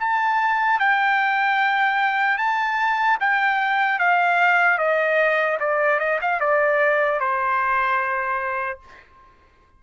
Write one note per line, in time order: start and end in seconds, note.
0.00 0.80 A5
0.80 2.38 G5
2.38 3.18 A5
3.20 3.99 G5
3.99 4.79 F5
4.79 5.59 D#5
5.60 6.00 D5
6.00 6.20 D#5
6.21 6.40 F5
6.40 7.20 D5
7.20 8.80 C5